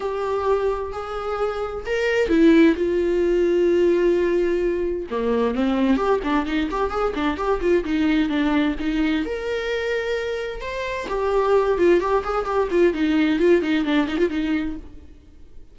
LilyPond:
\new Staff \with { instrumentName = "viola" } { \time 4/4 \tempo 4 = 130 g'2 gis'2 | ais'4 e'4 f'2~ | f'2. ais4 | c'4 g'8 d'8 dis'8 g'8 gis'8 d'8 |
g'8 f'8 dis'4 d'4 dis'4 | ais'2. c''4 | g'4. f'8 g'8 gis'8 g'8 f'8 | dis'4 f'8 dis'8 d'8 dis'16 f'16 dis'4 | }